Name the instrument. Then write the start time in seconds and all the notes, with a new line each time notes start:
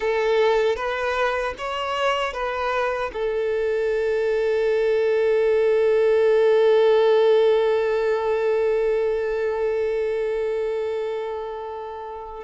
violin
0.00 A4
0.75 B4
1.58 C#5
2.33 B4
3.13 A4